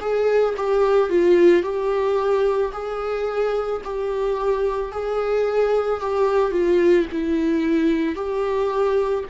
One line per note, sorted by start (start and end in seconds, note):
0.00 0.55 G#4
0.57 1.09 G4
1.09 1.63 F4
1.63 2.72 G4
2.73 3.82 G#4
3.84 4.91 G4
4.91 6.00 G#4
6.00 6.52 G4
6.52 7.06 F4
7.12 8.15 E4
8.15 9.24 G4